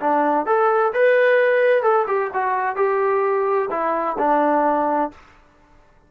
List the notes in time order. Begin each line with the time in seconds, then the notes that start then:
0.00 D4
0.46 A4
0.93 B4
1.83 A4
2.07 G4
2.33 F#4
2.76 G4
3.70 E4
4.18 D4